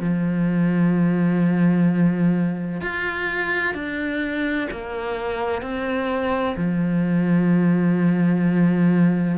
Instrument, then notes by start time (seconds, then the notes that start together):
cello
0.00 F3
2.81 F4
3.75 D4
4.71 A#3
5.62 C4
6.57 F3